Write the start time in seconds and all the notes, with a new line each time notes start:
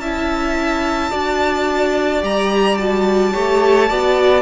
0.00 C#4 E4 E5 A5
1.11 D4 F#4 D5
2.22 G3 G4 A#5
2.78 F#4 A5
3.33 A3 G4 C#5
3.89 B3 F#4 D5